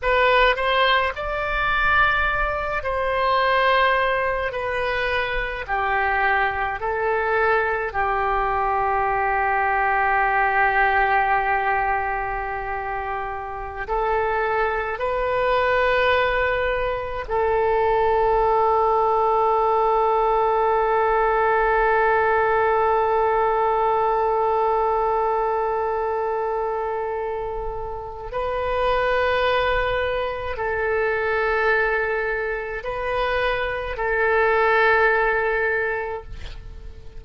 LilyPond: \new Staff \with { instrumentName = "oboe" } { \time 4/4 \tempo 4 = 53 b'8 c''8 d''4. c''4. | b'4 g'4 a'4 g'4~ | g'1~ | g'16 a'4 b'2 a'8.~ |
a'1~ | a'1~ | a'4 b'2 a'4~ | a'4 b'4 a'2 | }